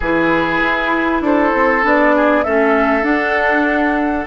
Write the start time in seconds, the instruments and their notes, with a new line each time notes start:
0.00 bassoon E3, clarinet E4, oboe G#4, flute B4
0.61 bassoon E4
1.21 bassoon D4, oboe A4, flute C5
1.53 bassoon C4
1.82 bassoon B3, clarinet D4, flute D5
2.15 oboe G#4
2.43 bassoon A3, clarinet C#4, oboe A4, flute E5
3.02 clarinet D4, bassoon D4, flute F#5